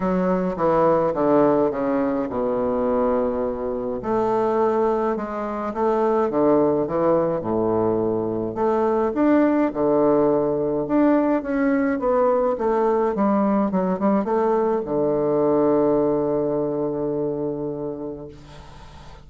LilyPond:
\new Staff \with { instrumentName = "bassoon" } { \time 4/4 \tempo 4 = 105 fis4 e4 d4 cis4 | b,2. a4~ | a4 gis4 a4 d4 | e4 a,2 a4 |
d'4 d2 d'4 | cis'4 b4 a4 g4 | fis8 g8 a4 d2~ | d1 | }